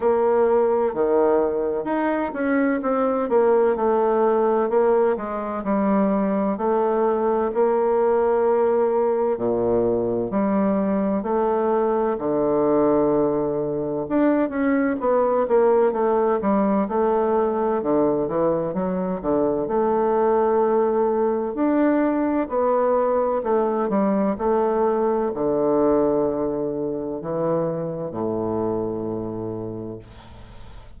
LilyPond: \new Staff \with { instrumentName = "bassoon" } { \time 4/4 \tempo 4 = 64 ais4 dis4 dis'8 cis'8 c'8 ais8 | a4 ais8 gis8 g4 a4 | ais2 ais,4 g4 | a4 d2 d'8 cis'8 |
b8 ais8 a8 g8 a4 d8 e8 | fis8 d8 a2 d'4 | b4 a8 g8 a4 d4~ | d4 e4 a,2 | }